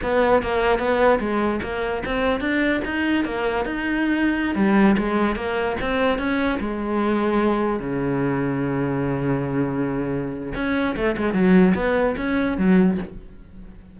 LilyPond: \new Staff \with { instrumentName = "cello" } { \time 4/4 \tempo 4 = 148 b4 ais4 b4 gis4 | ais4 c'4 d'4 dis'4 | ais4 dis'2~ dis'16 g8.~ | g16 gis4 ais4 c'4 cis'8.~ |
cis'16 gis2. cis8.~ | cis1~ | cis2 cis'4 a8 gis8 | fis4 b4 cis'4 fis4 | }